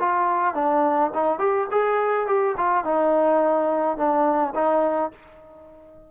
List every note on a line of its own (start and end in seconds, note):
0.00 0.55 F4
0.55 1.11 D4
1.14 1.39 D#4
1.39 1.68 G4
1.72 2.27 G#4
2.27 2.55 G4
2.58 2.85 F4
2.85 3.98 D#4
3.98 4.54 D4
4.55 5.12 D#4